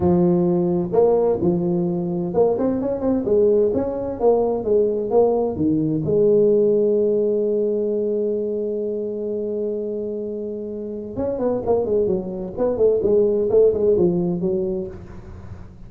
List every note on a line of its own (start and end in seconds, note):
0.00 0.90 F3
0.92 1.38 A#3
1.41 2.34 F3
2.34 2.57 A#3
2.58 2.81 C4
2.81 3.01 C#4
3.01 3.24 C4
3.25 3.71 G#3
3.74 4.19 C#4
4.19 4.64 A#3
4.64 5.10 G#3
5.10 5.56 A#3
5.56 6.02 D#3
6.04 11.16 G#3
11.16 11.38 C#4
11.38 11.62 B3
11.65 11.85 A#3
11.85 12.06 G#3
12.06 12.53 F#3
12.57 12.77 B3
12.77 13.00 A3
13.02 13.49 G#3
13.50 13.73 A3
13.73 13.96 G#3
13.97 14.40 F3
14.40 14.87 F#3